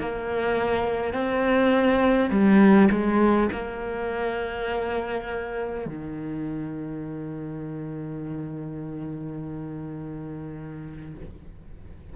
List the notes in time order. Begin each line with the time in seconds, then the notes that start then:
0.00 A#3
1.14 C4
2.30 G3
2.91 G#3
3.53 A#3
5.86 D#3